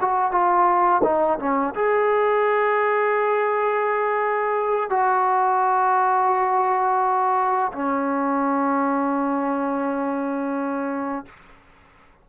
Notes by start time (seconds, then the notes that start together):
0.00 F#4
0.31 F4
1.03 D#4
1.39 C#4
1.74 G#4
4.89 F#4
7.72 C#4